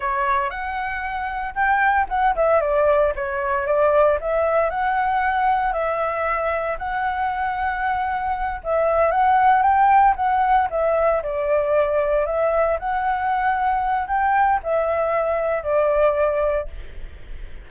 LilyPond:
\new Staff \with { instrumentName = "flute" } { \time 4/4 \tempo 4 = 115 cis''4 fis''2 g''4 | fis''8 e''8 d''4 cis''4 d''4 | e''4 fis''2 e''4~ | e''4 fis''2.~ |
fis''8 e''4 fis''4 g''4 fis''8~ | fis''8 e''4 d''2 e''8~ | e''8 fis''2~ fis''8 g''4 | e''2 d''2 | }